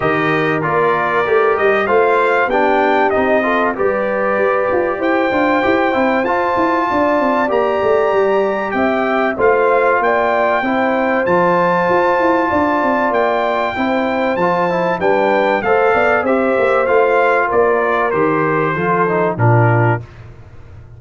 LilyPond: <<
  \new Staff \with { instrumentName = "trumpet" } { \time 4/4 \tempo 4 = 96 dis''4 d''4. dis''8 f''4 | g''4 dis''4 d''2 | g''2 a''2 | ais''2 g''4 f''4 |
g''2 a''2~ | a''4 g''2 a''4 | g''4 f''4 e''4 f''4 | d''4 c''2 ais'4 | }
  \new Staff \with { instrumentName = "horn" } { \time 4/4 ais'2. c''4 | g'4. a'8 b'2 | c''2. d''4~ | d''2 e''4 c''4 |
d''4 c''2. | d''2 c''2 | b'4 c''8 d''8 c''2 | ais'2 a'4 f'4 | }
  \new Staff \with { instrumentName = "trombone" } { \time 4/4 g'4 f'4 g'4 f'4 | d'4 dis'8 f'8 g'2~ | g'8 f'8 g'8 e'8 f'2 | g'2. f'4~ |
f'4 e'4 f'2~ | f'2 e'4 f'8 e'8 | d'4 a'4 g'4 f'4~ | f'4 g'4 f'8 dis'8 d'4 | }
  \new Staff \with { instrumentName = "tuba" } { \time 4/4 dis4 ais4 a8 g8 a4 | b4 c'4 g4 g'8 f'8 | e'8 d'8 e'8 c'8 f'8 e'8 d'8 c'8 | ais8 a8 g4 c'4 a4 |
ais4 c'4 f4 f'8 e'8 | d'8 c'8 ais4 c'4 f4 | g4 a8 b8 c'8 ais8 a4 | ais4 dis4 f4 ais,4 | }
>>